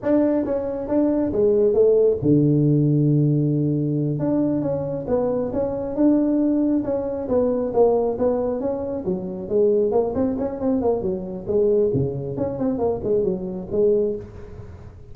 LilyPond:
\new Staff \with { instrumentName = "tuba" } { \time 4/4 \tempo 4 = 136 d'4 cis'4 d'4 gis4 | a4 d2.~ | d4. d'4 cis'4 b8~ | b8 cis'4 d'2 cis'8~ |
cis'8 b4 ais4 b4 cis'8~ | cis'8 fis4 gis4 ais8 c'8 cis'8 | c'8 ais8 fis4 gis4 cis4 | cis'8 c'8 ais8 gis8 fis4 gis4 | }